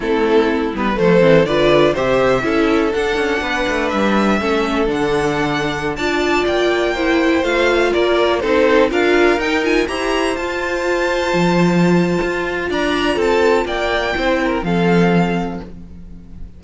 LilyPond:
<<
  \new Staff \with { instrumentName = "violin" } { \time 4/4 \tempo 4 = 123 a'4. b'8 c''4 d''4 | e''2 fis''2 | e''2 fis''2~ | fis''16 a''4 g''2 f''8.~ |
f''16 d''4 c''4 f''4 g''8 gis''16~ | gis''16 ais''4 a''2~ a''8.~ | a''2 ais''4 a''4 | g''2 f''2 | }
  \new Staff \with { instrumentName = "violin" } { \time 4/4 e'2 a'4 b'4 | c''4 a'2 b'4~ | b'4 a'2.~ | a'16 d''2 c''4.~ c''16~ |
c''16 ais'4 a'4 ais'4.~ ais'16~ | ais'16 c''2.~ c''8.~ | c''2 d''4 a'4 | d''4 c''8 ais'8 a'2 | }
  \new Staff \with { instrumentName = "viola" } { \time 4/4 c'4. b8 a8 c'8 f'4 | g'4 e'4 d'2~ | d'4 cis'4 d'2~ | d'16 f'2 e'4 f'8.~ |
f'4~ f'16 dis'4 f'4 dis'8 f'16~ | f'16 g'4 f'2~ f'8.~ | f'1~ | f'4 e'4 c'2 | }
  \new Staff \with { instrumentName = "cello" } { \time 4/4 a4. g8 f8 e8 d4 | c4 cis'4 d'8 cis'8 b8 a8 | g4 a4 d2~ | d16 d'4 ais2 a8.~ |
a16 ais4 c'4 d'4 dis'8.~ | dis'16 e'4 f'2 f8.~ | f4 f'4 d'4 c'4 | ais4 c'4 f2 | }
>>